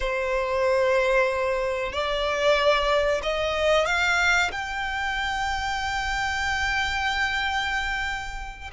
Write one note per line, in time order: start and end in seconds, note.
0.00 1.92 C5
1.92 3.21 D5
3.23 3.86 D#5
3.86 4.50 F5
4.51 8.71 G5